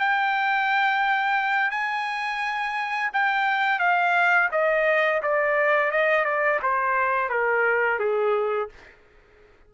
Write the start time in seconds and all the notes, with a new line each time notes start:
0.00 G5
1.72 G#5
3.14 G5
3.80 F5
4.52 D#5
5.23 D5
5.92 D#5
6.25 D5
6.63 C5
7.30 A#4
8.00 G#4